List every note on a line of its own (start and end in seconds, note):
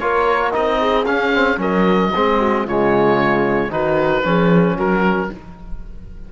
0.00 0.53 A#3
0.00 0.52 F4
0.00 0.80 A#4
0.00 0.53 C#5
0.52 1.07 C4
0.52 1.05 D#4
0.52 1.06 D#5
0.80 1.59 G#4
1.06 1.33 C#4
1.06 1.57 C#4
1.06 1.59 F5
1.35 1.58 C4
1.57 2.11 F#3
1.57 2.11 C#4
1.57 2.14 A#4
1.57 2.68 D#5
2.15 2.67 G#3
2.15 2.69 C4
2.15 2.40 G#4
2.40 2.66 F#4
2.66 3.70 C#3
2.66 3.71 G#3
2.66 3.72 F4
2.66 3.72 C#5
3.70 4.23 D#3
3.70 4.24 D#4
3.70 4.26 F#4
3.70 4.79 B4
4.24 4.77 F3
4.24 5.30 C#4
4.24 4.77 G#4
4.77 5.30 F#3
4.77 5.30 F#4
4.77 5.32 A#4